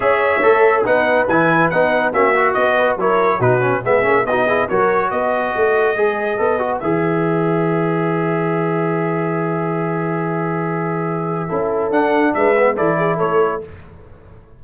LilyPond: <<
  \new Staff \with { instrumentName = "trumpet" } { \time 4/4 \tempo 4 = 141 e''2 fis''4 gis''4 | fis''4 e''4 dis''4 cis''4 | b'4 e''4 dis''4 cis''4 | dis''1 |
e''1~ | e''1~ | e''1 | fis''4 e''4 d''4 cis''4 | }
  \new Staff \with { instrumentName = "horn" } { \time 4/4 cis''2 b'2~ | b'4 fis'4. b'8 ais'4 | fis'4 gis'4 fis'8 gis'8 ais'4 | b'1~ |
b'1~ | b'1~ | b'2. a'4~ | a'4 b'4 a'8 gis'8 a'4 | }
  \new Staff \with { instrumentName = "trombone" } { \time 4/4 gis'4 a'4 dis'4 e'4 | dis'4 cis'8 fis'4. e'4 | dis'8 cis'8 b8 cis'8 dis'8 e'8 fis'4~ | fis'2 gis'4 a'8 fis'8 |
gis'1~ | gis'1~ | gis'2. e'4 | d'4. b8 e'2 | }
  \new Staff \with { instrumentName = "tuba" } { \time 4/4 cis'4 a4 b4 e4 | b4 ais4 b4 fis4 | b,4 gis8 ais8 b4 fis4 | b4 a4 gis4 b4 |
e1~ | e1~ | e2. cis'4 | d'4 gis4 e4 a4 | }
>>